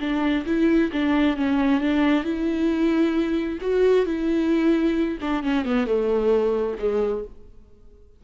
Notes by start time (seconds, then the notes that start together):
0.00 D4
0.46 E4
0.92 D4
1.37 C#4
1.81 D4
2.24 E4
3.61 F#4
4.06 E4
5.21 D4
5.43 C#4
5.65 B3
5.86 A3
6.79 G#3